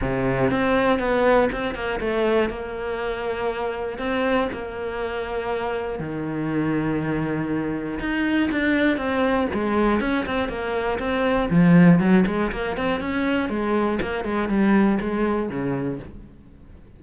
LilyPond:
\new Staff \with { instrumentName = "cello" } { \time 4/4 \tempo 4 = 120 c4 c'4 b4 c'8 ais8 | a4 ais2. | c'4 ais2. | dis1 |
dis'4 d'4 c'4 gis4 | cis'8 c'8 ais4 c'4 f4 | fis8 gis8 ais8 c'8 cis'4 gis4 | ais8 gis8 g4 gis4 cis4 | }